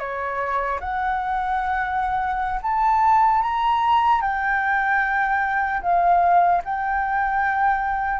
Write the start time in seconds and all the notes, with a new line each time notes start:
0.00 C#5
0.80 F#5
2.63 A5
3.43 A#5
4.22 G5
5.82 F5
6.65 G5